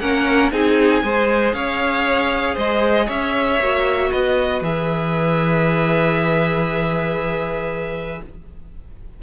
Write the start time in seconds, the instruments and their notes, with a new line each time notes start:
0.00 cello A#3, viola C#4, violin A#4 F#5
0.52 cello C4, viola D#4, violin G#4 G#5
1.03 cello G#3, viola G#4, violin C5
1.54 cello C#4, violin C#5 F5
2.54 cello G#3, violin C5 D#5
3.06 cello C#4, violin C#5 E5
3.60 cello A#3, viola F#4
4.12 cello B3, violin B4 D#5
4.61 cello E3, viola G#4, violin E5